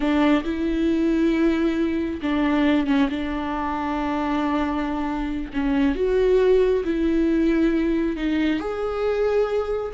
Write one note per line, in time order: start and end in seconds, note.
0.00 0.43 D4
0.44 2.20 E4
2.22 2.87 D4
2.87 3.09 C#4
3.09 5.52 D4
5.53 5.95 C#4
5.95 6.83 F#4
6.84 8.16 E4
8.16 8.59 D#4
8.59 9.92 G#4